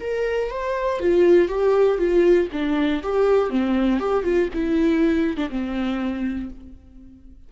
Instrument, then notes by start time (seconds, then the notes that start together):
viola
0.00 A#4
0.50 C5
1.00 F4
1.48 G4
1.97 F4
2.52 D4
3.02 G4
3.50 C4
3.99 G4
4.23 F4
4.53 E4
5.36 D4
5.49 C4